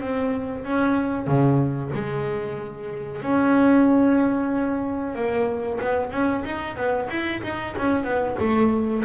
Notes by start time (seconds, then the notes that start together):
0.00 C4
0.64 C#4
1.27 C#3
1.94 G#3
3.22 C#4
5.15 A#3
5.80 B3
6.11 C#4
6.44 D#4
6.76 B3
7.09 E4
7.43 D#4
7.77 C#4
8.04 B3
8.39 A3